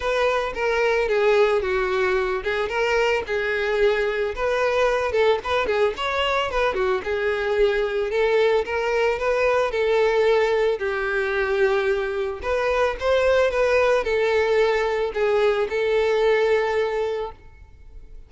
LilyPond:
\new Staff \with { instrumentName = "violin" } { \time 4/4 \tempo 4 = 111 b'4 ais'4 gis'4 fis'4~ | fis'8 gis'8 ais'4 gis'2 | b'4. a'8 b'8 gis'8 cis''4 | b'8 fis'8 gis'2 a'4 |
ais'4 b'4 a'2 | g'2. b'4 | c''4 b'4 a'2 | gis'4 a'2. | }